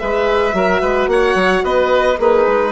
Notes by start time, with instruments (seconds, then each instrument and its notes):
0.00 bassoon G#3, horn G#4, oboe B4, violin E5
0.53 bassoon F#3, horn F#4, oboe A#4
0.81 bassoon G#3, oboe B4
1.07 bassoon A#3, oboe C#5, violin F#5
1.35 bassoon F#3
1.64 bassoon B3, oboe B4, violin D#5
2.18 bassoon A#3, oboe D#4, horn G#4, violin B4
2.47 bassoon G#3